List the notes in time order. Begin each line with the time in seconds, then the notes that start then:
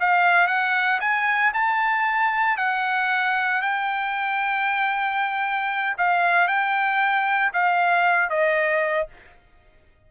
0.00 F5
0.47 F#5
1.00 G#5
1.54 A5
2.57 F#5
3.62 G5
5.97 F5
6.47 G5
7.53 F5
8.30 D#5